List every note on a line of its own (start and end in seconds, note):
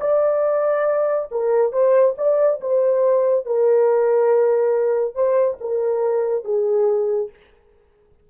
0.00 1.29 D5
1.31 1.72 A#4
1.72 2.15 C5
2.17 2.60 D5
2.60 3.45 C5
3.45 5.15 A#4
5.15 5.58 C5
5.60 6.44 A#4
6.44 7.30 G#4